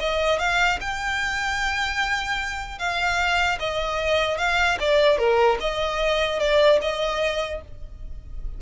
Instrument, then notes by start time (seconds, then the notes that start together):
violin
0.00 D#5
0.39 F5
0.81 G5
2.79 F5
3.59 D#5
4.38 F5
4.80 D5
5.18 A#4
5.60 D#5
6.39 D5
6.81 D#5